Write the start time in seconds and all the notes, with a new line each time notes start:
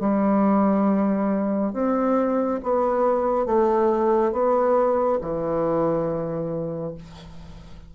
0.00 G3
1.74 C4
2.64 B3
3.47 A3
4.33 B3
5.21 E3